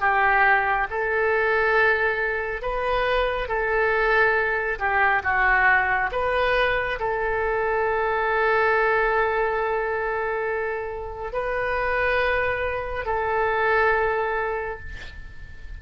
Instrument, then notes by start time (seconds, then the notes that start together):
oboe
0.00 G4
0.90 A4
2.62 B4
3.48 A4
4.79 G4
5.23 F#4
6.12 B4
6.99 A4
11.32 B4
13.06 A4